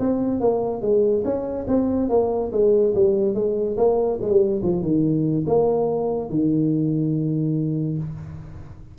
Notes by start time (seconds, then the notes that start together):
0.00 C4
0.40 A#3
0.82 G#3
1.24 C#4
1.68 C4
2.09 A#3
2.52 G#3
2.95 G3
3.35 G#3
3.77 A#3
4.21 G#3
4.30 G3
4.63 F3
4.82 D#3
5.47 A#3
6.30 D#3